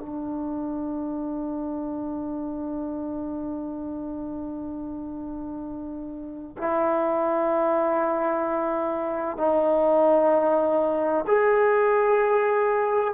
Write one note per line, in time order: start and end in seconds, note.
0.00 6.56 D4
6.57 9.37 E4
9.37 11.25 D#4
11.27 13.14 G#4